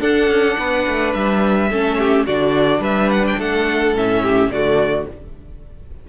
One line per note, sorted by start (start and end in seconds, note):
0.00 0.28 D4
0.00 1.70 D4
0.00 0.57 A4
0.00 1.13 F#5
0.28 0.56 C#4
0.59 0.87 B3
0.59 1.70 B4
0.88 1.15 A3
1.14 1.71 G3
1.14 2.26 E5
1.70 2.27 A3
1.70 2.28 C#4
1.70 1.98 A4
1.98 2.27 G4
2.27 2.79 D3
2.27 3.95 D4
2.27 2.81 F#4
2.27 2.83 D5
2.79 3.35 G3
2.79 3.37 B4
2.79 3.11 E5
3.11 3.25 F#5
3.27 3.41 G5
3.38 3.94 A3
3.38 4.22 A4
3.38 3.97 F#5
3.94 4.50 A2
3.94 4.52 C#4
3.94 4.51 E5
4.23 4.51 G4
4.50 5.06 D3
4.50 5.09 A3
4.50 5.09 F#4
4.50 5.07 D5